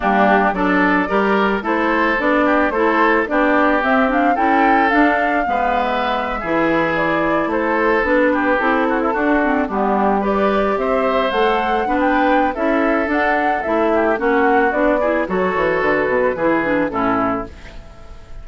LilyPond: <<
  \new Staff \with { instrumentName = "flute" } { \time 4/4 \tempo 4 = 110 g'4 d''2 c''4 | d''4 c''4 d''4 e''8 f''8 | g''4 f''4.~ f''16 e''4~ e''16~ | e''8. d''4 c''4 b'4 a'16~ |
a'4.~ a'16 g'4 d''4 e''16~ | e''8. fis''4~ fis''16 g''4 e''4 | fis''4 e''4 fis''4 d''4 | cis''4 b'2 a'4 | }
  \new Staff \with { instrumentName = "oboe" } { \time 4/4 d'4 a'4 ais'4 a'4~ | a'8 g'8 a'4 g'2 | a'2 b'4.~ b'16 gis'16~ | gis'4.~ gis'16 a'4. g'8.~ |
g'16 fis'16 e'16 fis'4 d'4 b'4 c''16~ | c''4.~ c''16 b'4~ b'16 a'4~ | a'4. g'8 fis'4. gis'8 | a'2 gis'4 e'4 | }
  \new Staff \with { instrumentName = "clarinet" } { \time 4/4 ais4 d'4 g'4 e'4 | d'4 e'4 d'4 c'8 d'8 | e'4 d'4 b4.~ b16 e'16~ | e'2~ e'8. d'4 e'16~ |
e'8. d'8 c'8 b4 g'4~ g'16~ | g'8. a'4 d'4~ d'16 e'4 | d'4 e'4 cis'4 d'8 e'8 | fis'2 e'8 d'8 cis'4 | }
  \new Staff \with { instrumentName = "bassoon" } { \time 4/4 g4 fis4 g4 a4 | b4 a4 b4 c'4 | cis'4 d'4 gis4.~ gis16 e16~ | e4.~ e16 a4 b4 c'16~ |
c'8. d'4 g2 c'16~ | c'8. a4 b4~ b16 cis'4 | d'4 a4 ais4 b4 | fis8 e8 d8 b,8 e4 a,4 | }
>>